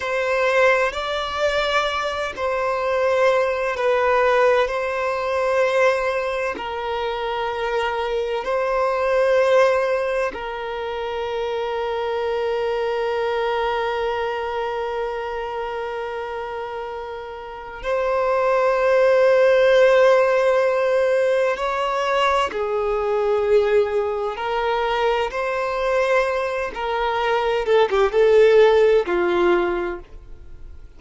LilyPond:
\new Staff \with { instrumentName = "violin" } { \time 4/4 \tempo 4 = 64 c''4 d''4. c''4. | b'4 c''2 ais'4~ | ais'4 c''2 ais'4~ | ais'1~ |
ais'2. c''4~ | c''2. cis''4 | gis'2 ais'4 c''4~ | c''8 ais'4 a'16 g'16 a'4 f'4 | }